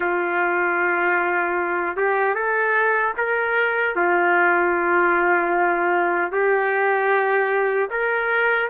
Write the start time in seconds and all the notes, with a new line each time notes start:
0.00 F4
1.96 G4
2.34 A4
3.17 A#4
3.95 F4
6.32 G4
7.90 A#4